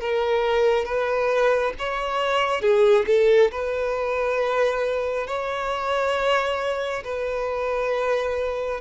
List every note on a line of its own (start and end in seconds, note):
0.00 0.85 A#4
0.85 1.73 B4
1.78 2.61 C#5
2.61 3.05 G#4
3.06 3.51 A4
3.51 5.27 B4
5.27 7.03 C#5
7.04 8.80 B4